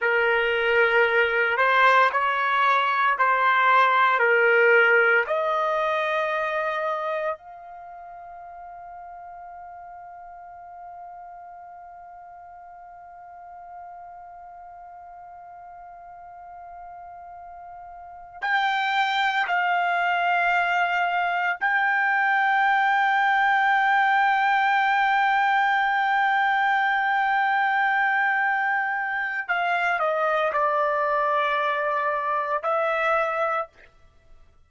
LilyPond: \new Staff \with { instrumentName = "trumpet" } { \time 4/4 \tempo 4 = 57 ais'4. c''8 cis''4 c''4 | ais'4 dis''2 f''4~ | f''1~ | f''1~ |
f''4. g''4 f''4.~ | f''8 g''2.~ g''8~ | g''1 | f''8 dis''8 d''2 e''4 | }